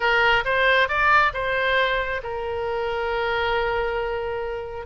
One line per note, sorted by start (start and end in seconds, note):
0.00 0.44 A#4
0.45 0.88 C5
0.88 1.32 D5
1.33 2.21 C5
2.23 4.85 A#4